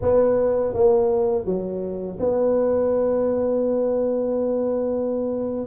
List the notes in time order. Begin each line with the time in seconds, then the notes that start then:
0.01 B3
0.73 A#3
1.45 F#3
2.19 B3